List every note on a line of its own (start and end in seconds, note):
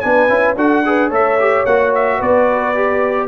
0.00 0.29 B3
0.00 0.29 D4
0.00 0.57 B4
0.00 0.55 G#5
0.29 0.56 C#4
0.29 0.56 E4
0.56 1.11 D4
0.56 0.84 F#4
0.56 0.84 A4
0.56 1.12 F#5
0.85 1.11 G#4
0.85 1.09 B4
1.09 1.65 A3
1.09 1.38 A4
1.09 2.17 C#5
1.09 1.65 E5
1.40 1.67 G4
1.65 2.20 A#3
1.65 2.75 F#4
1.65 1.93 F#5
1.95 2.22 E5
2.17 3.28 B3
2.17 3.26 B4
2.17 3.28 D5
2.75 3.28 G4